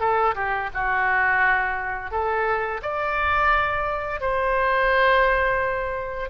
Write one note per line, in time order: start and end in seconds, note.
0.00 0.35 A4
0.35 0.70 G4
0.74 2.11 F#4
2.11 2.81 A4
2.82 4.21 D5
4.21 6.30 C5